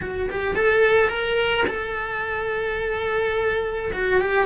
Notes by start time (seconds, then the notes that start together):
0.01 F#4
0.30 G4
0.55 A4
1.08 A#4
1.67 A4
3.93 F#4
4.21 G4